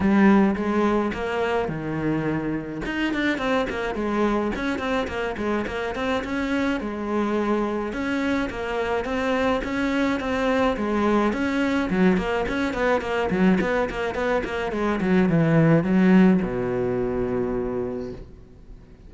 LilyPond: \new Staff \with { instrumentName = "cello" } { \time 4/4 \tempo 4 = 106 g4 gis4 ais4 dis4~ | dis4 dis'8 d'8 c'8 ais8 gis4 | cis'8 c'8 ais8 gis8 ais8 c'8 cis'4 | gis2 cis'4 ais4 |
c'4 cis'4 c'4 gis4 | cis'4 fis8 ais8 cis'8 b8 ais8 fis8 | b8 ais8 b8 ais8 gis8 fis8 e4 | fis4 b,2. | }